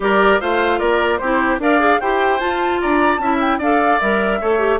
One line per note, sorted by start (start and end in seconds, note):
0.00 0.39 G3
0.00 0.40 G4
0.00 0.40 A#4
0.00 0.40 D5
0.40 0.80 A3
0.40 1.20 F4
0.40 0.79 C5
0.40 0.79 F5
0.79 1.20 A#3
0.79 1.19 A#4
0.79 1.17 D5
1.17 1.59 C4
1.17 1.60 E4
1.17 1.59 G4
1.17 1.57 C5
1.59 1.99 D4
1.59 1.79 A#4
1.59 2.01 D5
1.59 2.00 F5
1.79 1.99 G#4
2.00 2.40 E4
2.00 2.39 G4
2.00 2.81 C5
2.00 2.40 G5
2.39 3.19 F4
2.39 2.80 F4
2.39 2.80 A5
2.81 3.18 D4
2.81 3.21 D5
2.81 3.16 A#5
3.16 3.58 C#4
3.16 3.61 E4
3.16 3.58 E5
3.16 3.36 A5
3.40 3.60 G5
3.58 3.98 D4
3.58 4.01 A4
3.58 4.38 D5
3.58 4.00 F5
4.00 4.41 G3
4.00 4.41 A#4
4.00 4.80 E5
4.40 4.80 A3
4.40 4.59 A4
4.40 4.80 C#5
4.59 4.79 G4